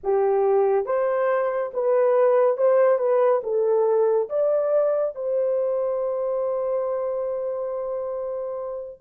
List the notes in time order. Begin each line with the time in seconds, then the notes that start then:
0.03 G4
0.85 C5
1.73 B4
2.57 C5
2.98 B4
3.43 A4
4.29 D5
5.15 C5